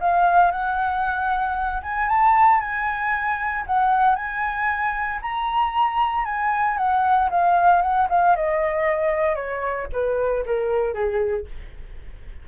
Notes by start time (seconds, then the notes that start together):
0.00 F5
0.51 F#5
1.82 G#5
2.08 A5
2.60 G#5
3.66 F#5
4.15 G#5
5.22 A#5
6.25 G#5
6.77 F#5
7.30 F5
7.81 F#5
8.09 F5
8.35 D#5
9.35 C#5
9.92 B4
10.45 A#4
10.94 G#4